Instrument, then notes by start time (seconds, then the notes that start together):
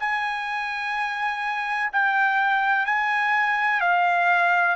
trumpet
0.00 G#5
1.93 G5
2.86 G#5
3.81 F5